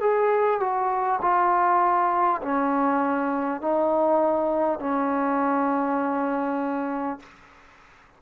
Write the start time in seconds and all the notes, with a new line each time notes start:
0.00 G#4
0.60 F#4
1.21 F4
2.42 C#4
3.61 D#4
4.79 C#4